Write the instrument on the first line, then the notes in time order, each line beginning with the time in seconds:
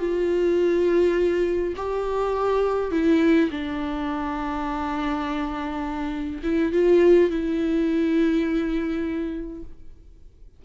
viola
0.00 F4
1.77 G4
2.92 E4
3.51 D4
6.43 E4
6.73 F4
7.31 E4